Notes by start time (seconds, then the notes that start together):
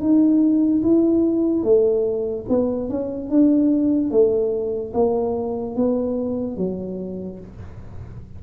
0.00 D#4
0.83 E4
1.63 A3
2.49 B3
2.89 C#4
3.30 D4
4.11 A3
4.94 A#3
5.76 B3
6.57 F#3